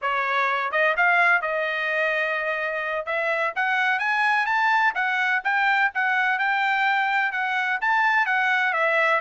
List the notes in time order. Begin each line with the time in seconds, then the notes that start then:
0.01 C#5
0.71 D#5
0.96 F5
1.41 D#5
3.06 E5
3.55 F#5
3.99 G#5
4.46 A5
4.94 F#5
5.44 G5
5.94 F#5
6.38 G5
7.32 F#5
7.81 A5
8.25 F#5
8.73 E5